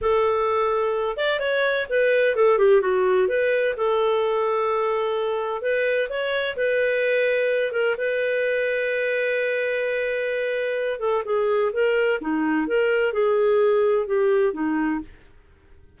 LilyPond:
\new Staff \with { instrumentName = "clarinet" } { \time 4/4 \tempo 4 = 128 a'2~ a'8 d''8 cis''4 | b'4 a'8 g'8 fis'4 b'4 | a'1 | b'4 cis''4 b'2~ |
b'8 ais'8 b'2.~ | b'2.~ b'8 a'8 | gis'4 ais'4 dis'4 ais'4 | gis'2 g'4 dis'4 | }